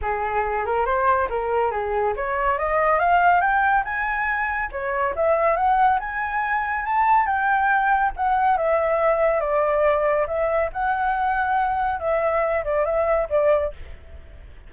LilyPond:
\new Staff \with { instrumentName = "flute" } { \time 4/4 \tempo 4 = 140 gis'4. ais'8 c''4 ais'4 | gis'4 cis''4 dis''4 f''4 | g''4 gis''2 cis''4 | e''4 fis''4 gis''2 |
a''4 g''2 fis''4 | e''2 d''2 | e''4 fis''2. | e''4. d''8 e''4 d''4 | }